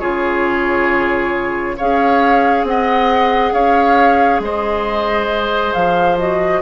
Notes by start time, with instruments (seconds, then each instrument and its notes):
0.00 bassoon C#3, clarinet F4, oboe G#4, flute C#5
1.77 bassoon C#4, clarinet G#4, oboe C#5, flute F5
2.63 bassoon C4, flute F#5
2.70 oboe D#5
3.53 bassoon C#4, oboe C#5, flute F5
4.40 bassoon G#3, oboe C5, flute D#5
5.73 bassoon F3, flute F5
6.19 clarinet F#4, flute D#5